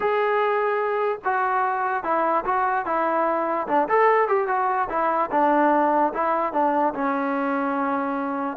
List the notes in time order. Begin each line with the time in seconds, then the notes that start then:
0.00 G#4
1.24 F#4
2.03 E4
2.44 F#4
2.85 E4
3.67 D4
3.88 A4
4.28 G4
4.47 F#4
4.89 E4
5.31 D4
6.13 E4
6.52 D4
6.94 C#4